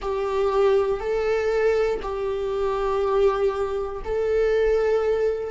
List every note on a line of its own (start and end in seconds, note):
0.01 1.00 G4
1.00 2.00 A4
2.02 4.02 G4
4.04 5.50 A4